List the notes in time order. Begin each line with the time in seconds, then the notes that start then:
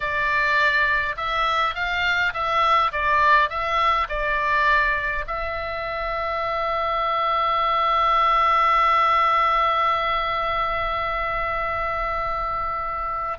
0.00 D5
1.17 E5
1.74 F5
2.33 E5
2.92 D5
3.49 E5
4.09 D5
5.27 E5